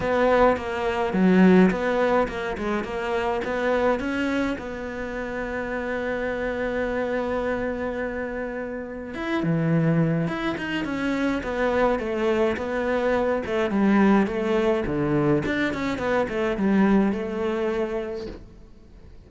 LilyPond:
\new Staff \with { instrumentName = "cello" } { \time 4/4 \tempo 4 = 105 b4 ais4 fis4 b4 | ais8 gis8 ais4 b4 cis'4 | b1~ | b1 |
e'8 e4. e'8 dis'8 cis'4 | b4 a4 b4. a8 | g4 a4 d4 d'8 cis'8 | b8 a8 g4 a2 | }